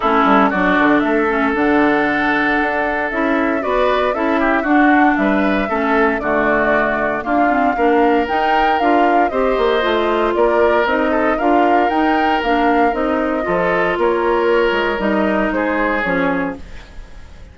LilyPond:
<<
  \new Staff \with { instrumentName = "flute" } { \time 4/4 \tempo 4 = 116 a'4 d''4 e''4 fis''4~ | fis''2 e''4 d''4 | e''4 fis''4 e''2 | d''2 f''2 |
g''4 f''4 dis''2 | d''4 dis''4 f''4 g''4 | f''4 dis''2 cis''4~ | cis''4 dis''4 c''4 cis''4 | }
  \new Staff \with { instrumentName = "oboe" } { \time 4/4 e'4 fis'4 a'2~ | a'2. b'4 | a'8 g'8 fis'4 b'4 a'4 | fis'2 f'4 ais'4~ |
ais'2 c''2 | ais'4. a'8 ais'2~ | ais'2 a'4 ais'4~ | ais'2 gis'2 | }
  \new Staff \with { instrumentName = "clarinet" } { \time 4/4 cis'4 d'4. cis'8 d'4~ | d'2 e'4 fis'4 | e'4 d'2 cis'4 | a2 ais8 c'8 d'4 |
dis'4 f'4 g'4 f'4~ | f'4 dis'4 f'4 dis'4 | d'4 dis'4 f'2~ | f'4 dis'2 cis'4 | }
  \new Staff \with { instrumentName = "bassoon" } { \time 4/4 a8 g8 fis8 d8 a4 d4~ | d4 d'4 cis'4 b4 | cis'4 d'4 g4 a4 | d2 d'4 ais4 |
dis'4 d'4 c'8 ais8 a4 | ais4 c'4 d'4 dis'4 | ais4 c'4 f4 ais4~ | ais8 gis8 g4 gis4 f4 | }
>>